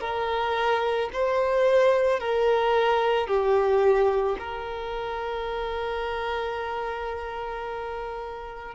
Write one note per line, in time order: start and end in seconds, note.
0.00 1.09 A#4
1.13 2.20 C5
2.20 3.27 A#4
3.27 4.36 G4
4.38 8.75 A#4